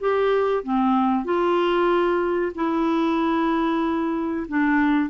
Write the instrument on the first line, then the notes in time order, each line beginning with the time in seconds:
clarinet
0.00 G4
0.63 C4
1.24 F4
2.55 E4
4.48 D4